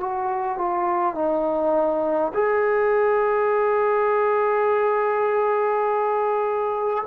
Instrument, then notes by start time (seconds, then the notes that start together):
trombone
0.00 F#4
0.58 F4
1.15 D#4
2.34 G#4